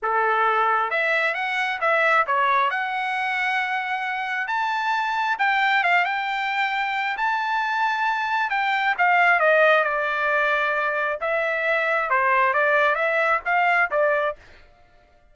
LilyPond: \new Staff \with { instrumentName = "trumpet" } { \time 4/4 \tempo 4 = 134 a'2 e''4 fis''4 | e''4 cis''4 fis''2~ | fis''2 a''2 | g''4 f''8 g''2~ g''8 |
a''2. g''4 | f''4 dis''4 d''2~ | d''4 e''2 c''4 | d''4 e''4 f''4 d''4 | }